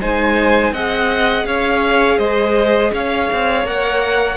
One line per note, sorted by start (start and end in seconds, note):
0.00 0.71 G#3
0.00 0.74 D#4
0.00 0.73 C5
0.00 0.74 G#5
0.71 1.45 C4
0.71 3.65 G#4
0.71 1.46 D#5
0.71 1.46 F#5
1.45 2.18 C#4
1.45 2.18 C#5
1.45 2.19 F5
2.18 2.91 G#3
2.18 2.91 C5
2.18 2.92 D#5
2.93 3.29 C#4
2.93 4.36 C#5
2.93 3.66 F5
3.32 3.64 C4
3.64 4.36 A#3
3.64 4.36 A#4
3.64 4.36 F#5